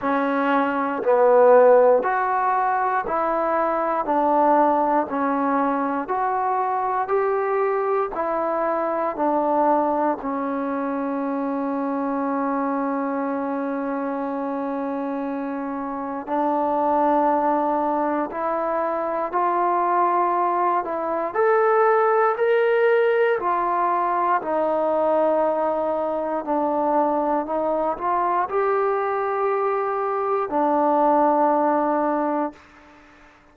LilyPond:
\new Staff \with { instrumentName = "trombone" } { \time 4/4 \tempo 4 = 59 cis'4 b4 fis'4 e'4 | d'4 cis'4 fis'4 g'4 | e'4 d'4 cis'2~ | cis'1 |
d'2 e'4 f'4~ | f'8 e'8 a'4 ais'4 f'4 | dis'2 d'4 dis'8 f'8 | g'2 d'2 | }